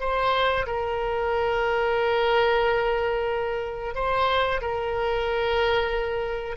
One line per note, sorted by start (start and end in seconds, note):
0.00 0.66 C5
0.66 3.95 A#4
3.95 4.61 C5
4.61 6.56 A#4